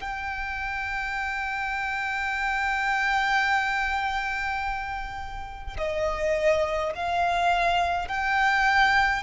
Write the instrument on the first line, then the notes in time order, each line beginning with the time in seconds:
violin
0.00 G5
5.77 D#5
6.94 F5
8.08 G5